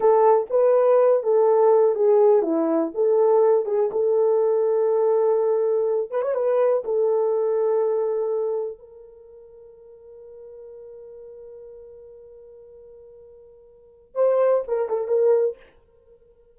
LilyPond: \new Staff \with { instrumentName = "horn" } { \time 4/4 \tempo 4 = 123 a'4 b'4. a'4. | gis'4 e'4 a'4. gis'8 | a'1~ | a'8 b'16 cis''16 b'4 a'2~ |
a'2 ais'2~ | ais'1~ | ais'1~ | ais'4 c''4 ais'8 a'8 ais'4 | }